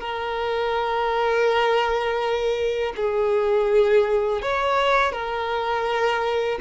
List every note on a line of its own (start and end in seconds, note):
0.00 2.93 A#4
2.96 4.41 G#4
4.41 5.12 C#5
5.12 6.58 A#4